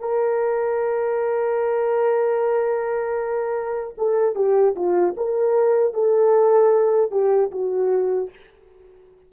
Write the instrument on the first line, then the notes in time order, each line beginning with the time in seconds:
horn
0.00 A#4
3.98 A4
4.36 G4
4.76 F4
5.17 A#4
5.94 A4
7.12 G4
7.51 F#4